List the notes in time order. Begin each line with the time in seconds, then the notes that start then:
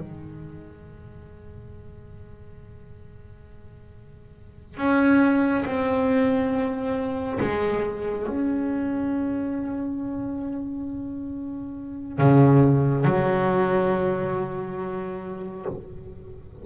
0.00 G#3
4.77 C#4
5.65 C4
7.40 G#3
8.27 C#4
12.19 C#3
13.05 F#3